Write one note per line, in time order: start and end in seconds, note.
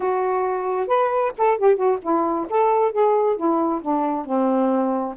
0.00 0.87 F#4
0.87 1.32 B4
1.37 1.58 A4
1.58 1.76 G4
1.76 1.98 F#4
2.01 2.46 E4
2.49 2.91 A4
2.91 3.36 G#4
3.36 3.81 E4
3.81 4.25 D4
4.25 5.14 C4